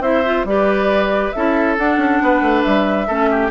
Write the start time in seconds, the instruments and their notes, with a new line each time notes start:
0.00 bassoon C4, clarinet E4, oboe C5, flute E5
0.24 clarinet F4
0.44 bassoon G3, clarinet G4, oboe B4, flute D5
1.31 bassoon C#4, clarinet E4, oboe A4, flute E5
1.77 clarinet D4, bassoon D4, flute F#5
1.97 bassoon C#4
2.22 bassoon B3, oboe B4
2.41 bassoon A3
2.62 bassoon G3, flute E5
3.07 bassoon A3, clarinet C#4, oboe A4
3.31 oboe G4